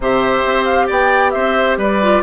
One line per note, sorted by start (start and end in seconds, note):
0.00 0.43 C3
0.00 2.02 G4
0.00 0.86 C5
0.00 0.64 E5
0.44 0.89 C4
0.64 0.87 F5
0.86 1.34 B3
0.86 1.31 D5
0.86 1.31 G5
1.31 1.77 C4
1.31 1.78 C5
1.31 1.75 E5
1.77 2.22 G3
1.77 2.23 B4
1.77 2.23 D5
2.02 2.23 F4